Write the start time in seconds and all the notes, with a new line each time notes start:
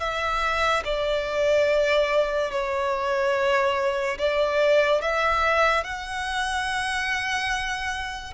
0.00 E5
0.85 D5
2.52 C#5
4.19 D5
5.02 E5
5.84 F#5